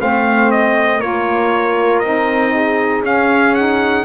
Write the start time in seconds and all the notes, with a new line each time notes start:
0.00 A3 C4 C5 F5
0.51 D#5
0.99 A#3 F4 A#4 C#5
2.00 C4 D#4 D#5
2.55 G#4
3.02 C#4 F5
3.54 D#4 F#5